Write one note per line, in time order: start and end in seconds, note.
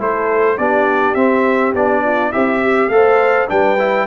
0.00 0.59 A3
0.00 0.58 E4
0.00 0.58 A4
0.00 0.58 C5
0.58 1.15 B3
0.58 1.17 D4
0.58 2.04 G4
0.58 1.15 D5
1.15 1.74 C4
1.15 1.75 C4
1.15 1.73 E5
1.74 2.33 B3
1.74 2.33 D4
1.74 2.33 D5
2.04 2.31 F4
2.31 2.89 C4
2.31 2.60 E4
2.31 2.91 G4
2.31 2.90 E5
2.63 2.92 G4
2.89 3.47 A3
2.89 3.49 A4
2.89 3.51 C5
2.89 3.48 F5
3.49 4.07 G3
3.49 3.78 D4
3.49 4.07 B4
3.49 4.07 G5
3.79 4.07 E4